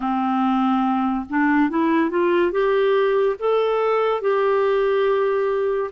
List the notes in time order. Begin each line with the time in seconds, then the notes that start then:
0.00 C4
1.29 D4
1.69 E4
2.09 F4
2.51 G4
3.39 A4
4.21 G4